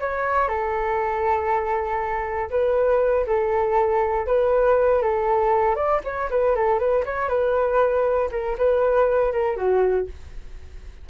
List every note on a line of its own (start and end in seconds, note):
0.00 0.48 C#5
0.48 2.50 A4
2.50 3.26 B4
3.26 4.27 A4
4.27 5.02 B4
5.02 5.75 A4
5.75 6.00 D5
6.04 6.30 C#5
6.30 6.55 B4
6.55 6.79 A4
6.79 7.04 B4
7.05 7.28 C#5
7.28 8.29 B4
8.31 8.56 A#4
8.58 9.32 B4
9.32 9.56 A#4
9.56 10.07 F#4